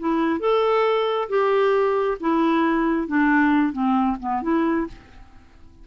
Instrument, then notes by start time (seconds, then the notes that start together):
clarinet
0.00 E4
0.40 A4
1.29 G4
2.21 E4
3.08 D4
3.73 C4
4.20 B3
4.43 E4